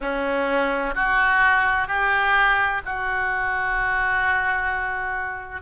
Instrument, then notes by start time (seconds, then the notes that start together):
oboe
0.00 C#4
0.95 F#4
1.87 G4
2.85 F#4